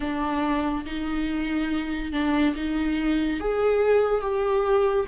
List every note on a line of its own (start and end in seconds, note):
0.00 0.85 D4
0.85 2.12 D#4
2.12 2.54 D4
2.55 3.40 D#4
3.40 4.21 G#4
4.21 5.06 G4